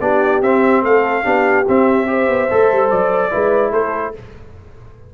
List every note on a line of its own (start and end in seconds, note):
0.00 0.41 B3
0.00 0.42 D4
0.00 0.84 G4
0.00 0.42 D5
0.41 0.83 C4
0.41 1.24 C4
0.41 0.84 E5
0.83 1.24 A3
0.83 1.24 A4
0.83 1.67 F5
1.24 1.67 B3
1.24 1.65 D4
1.24 2.07 G4
1.68 2.07 C4
1.68 2.28 C4
1.68 2.90 E5
2.07 2.48 G4
2.07 3.32 C5
2.28 2.49 B3
2.51 2.71 A3
2.51 3.31 A4
2.71 2.91 G3
2.90 3.32 F#3
2.90 3.72 D5
3.31 3.72 G#3
3.31 4.13 E4
3.31 3.72 B4
3.72 4.14 A3
3.72 4.13 A4
3.72 4.14 C5